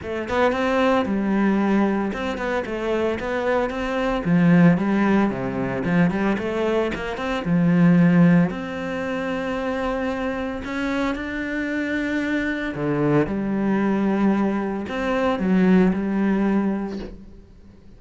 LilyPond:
\new Staff \with { instrumentName = "cello" } { \time 4/4 \tempo 4 = 113 a8 b8 c'4 g2 | c'8 b8 a4 b4 c'4 | f4 g4 c4 f8 g8 | a4 ais8 c'8 f2 |
c'1 | cis'4 d'2. | d4 g2. | c'4 fis4 g2 | }